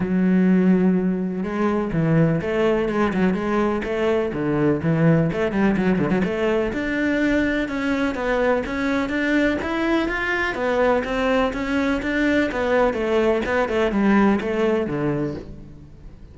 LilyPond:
\new Staff \with { instrumentName = "cello" } { \time 4/4 \tempo 4 = 125 fis2. gis4 | e4 a4 gis8 fis8 gis4 | a4 d4 e4 a8 g8 | fis8 d16 fis16 a4 d'2 |
cis'4 b4 cis'4 d'4 | e'4 f'4 b4 c'4 | cis'4 d'4 b4 a4 | b8 a8 g4 a4 d4 | }